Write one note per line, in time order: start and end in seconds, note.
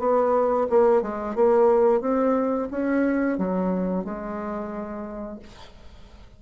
0.00 0.67 B3
0.70 1.02 A#3
1.02 1.36 G#3
1.36 2.01 A#3
2.01 2.69 C4
2.71 3.39 C#4
3.39 4.05 F#3
4.05 5.40 G#3